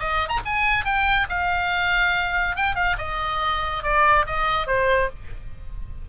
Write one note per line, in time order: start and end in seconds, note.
0.00 0.29 D#5
0.29 0.40 A#5
0.46 0.85 G#5
0.85 1.28 G5
1.30 2.57 F5
2.57 2.76 G5
2.76 2.97 F5
2.98 3.84 D#5
3.84 4.26 D5
4.27 4.67 D#5
4.67 5.10 C5